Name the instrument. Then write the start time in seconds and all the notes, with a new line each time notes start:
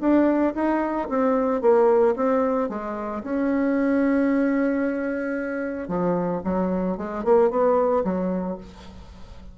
bassoon
0.00 D4
0.54 D#4
1.09 C4
1.61 A#3
2.16 C4
2.69 G#3
3.23 C#4
5.88 F3
6.44 F#3
6.97 G#3
7.24 A#3
7.50 B3
8.04 F#3